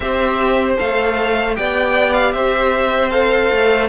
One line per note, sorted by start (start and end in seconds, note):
0.00 0.77 C4
0.00 0.77 G4
0.00 1.57 C5
0.00 0.74 E5
0.77 1.58 A3
0.77 1.55 A4
0.77 1.55 F5
1.55 2.33 B3
1.55 3.11 G4
1.55 2.34 D5
1.55 2.13 G5
2.13 2.32 F5
2.32 3.50 C4
2.32 3.88 C5
2.32 3.10 E5
3.10 3.88 A4
3.10 3.88 F5
3.51 3.88 A3